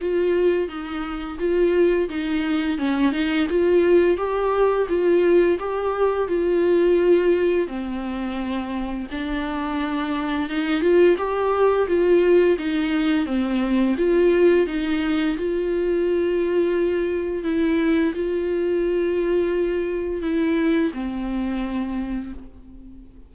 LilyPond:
\new Staff \with { instrumentName = "viola" } { \time 4/4 \tempo 4 = 86 f'4 dis'4 f'4 dis'4 | cis'8 dis'8 f'4 g'4 f'4 | g'4 f'2 c'4~ | c'4 d'2 dis'8 f'8 |
g'4 f'4 dis'4 c'4 | f'4 dis'4 f'2~ | f'4 e'4 f'2~ | f'4 e'4 c'2 | }